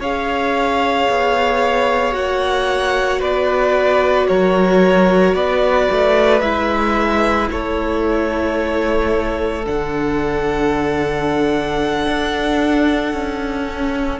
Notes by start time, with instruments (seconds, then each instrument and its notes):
0.00 cello C#4, viola G#4, violin C#5 F5
1.10 cello B3
2.12 cello A#3, viola F#4, violin F#5
3.20 cello B3, violin B4 D5
4.28 cello F#3, violin A#4 C#5
5.34 cello B3, violin B4 D5
5.92 cello A3
6.41 cello G#3, viola E4, violin E5
7.51 cello A3, violin A4 C#5
9.66 cello D3, viola D4, violin F#5
12.06 cello D4
13.13 cello C#4
13.65 viola C#4